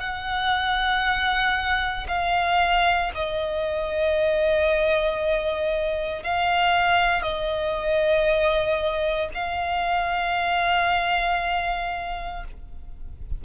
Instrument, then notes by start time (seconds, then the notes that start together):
violin
0.00 F#5
2.08 F5
3.15 D#5
6.23 F5
7.23 D#5
9.34 F5